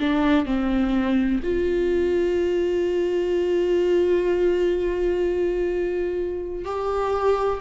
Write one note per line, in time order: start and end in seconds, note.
0.00 0.46 D4
0.46 1.41 C4
1.43 6.65 F4
6.65 7.61 G4